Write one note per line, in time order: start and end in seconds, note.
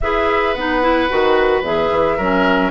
0.00 0.55 E4
0.00 0.57 G#4
0.00 2.16 B4
0.00 0.54 E5
0.54 1.09 B3
0.54 0.81 D#4
0.54 1.63 F#5
0.81 1.08 E4
1.09 1.61 D#3
1.09 1.63 F#4
1.61 1.88 E2
1.61 2.18 G#4
1.61 2.71 E5
1.91 2.18 E3
2.16 2.71 F#3
2.16 2.71 C#4
2.16 2.71 A#4